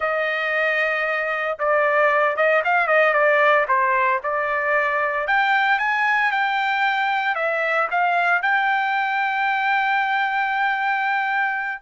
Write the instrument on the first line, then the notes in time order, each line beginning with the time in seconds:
trumpet
0.00 D#5
1.58 D5
2.36 D#5
2.64 F5
2.87 D#5
3.13 D5
3.68 C5
4.23 D5
5.27 G5
5.78 G#5
6.31 G5
7.35 E5
7.90 F5
8.42 G5